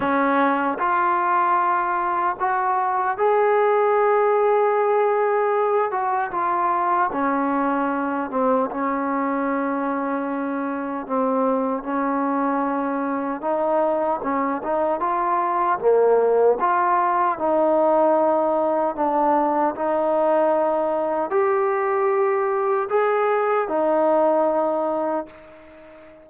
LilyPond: \new Staff \with { instrumentName = "trombone" } { \time 4/4 \tempo 4 = 76 cis'4 f'2 fis'4 | gis'2.~ gis'8 fis'8 | f'4 cis'4. c'8 cis'4~ | cis'2 c'4 cis'4~ |
cis'4 dis'4 cis'8 dis'8 f'4 | ais4 f'4 dis'2 | d'4 dis'2 g'4~ | g'4 gis'4 dis'2 | }